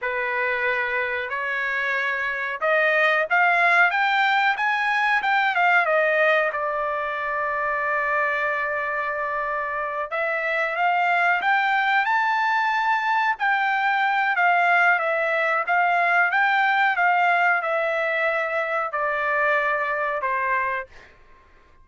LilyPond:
\new Staff \with { instrumentName = "trumpet" } { \time 4/4 \tempo 4 = 92 b'2 cis''2 | dis''4 f''4 g''4 gis''4 | g''8 f''8 dis''4 d''2~ | d''2.~ d''8 e''8~ |
e''8 f''4 g''4 a''4.~ | a''8 g''4. f''4 e''4 | f''4 g''4 f''4 e''4~ | e''4 d''2 c''4 | }